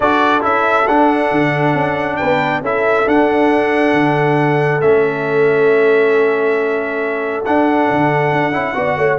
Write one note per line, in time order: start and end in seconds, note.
0.00 0.42 D4
0.00 0.41 F#4
0.00 2.17 A4
0.00 0.43 D5
0.41 0.86 C#4
0.41 0.84 E4
0.41 0.87 E5
0.87 1.31 D4
0.87 2.64 D4
0.87 2.16 F#5
1.31 1.74 D3
1.74 2.18 C#4
2.16 2.61 B3
2.16 2.62 B4
2.16 2.60 G5
2.61 3.04 C#4
2.61 3.06 E4
2.61 8.76 A4
2.61 3.08 E5
3.06 4.81 D4
3.06 3.93 D4
3.06 4.81 F#5
3.93 4.81 D3
4.81 7.44 A3
4.81 7.44 C#4
4.81 7.43 E5
7.45 8.52 D4
7.45 7.90 D4
7.45 9.18 F#5
7.90 8.32 D3
8.32 8.51 D4
8.51 8.73 C#4
8.51 8.74 E4
8.74 8.96 B3
8.74 9.18 F#4
8.74 8.97 D5
8.96 9.18 A3
8.96 9.18 C#5